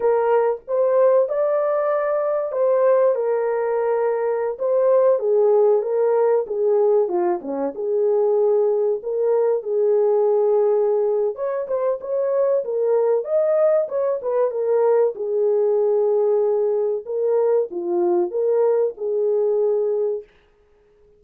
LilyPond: \new Staff \with { instrumentName = "horn" } { \time 4/4 \tempo 4 = 95 ais'4 c''4 d''2 | c''4 ais'2~ ais'16 c''8.~ | c''16 gis'4 ais'4 gis'4 f'8 cis'16~ | cis'16 gis'2 ais'4 gis'8.~ |
gis'2 cis''8 c''8 cis''4 | ais'4 dis''4 cis''8 b'8 ais'4 | gis'2. ais'4 | f'4 ais'4 gis'2 | }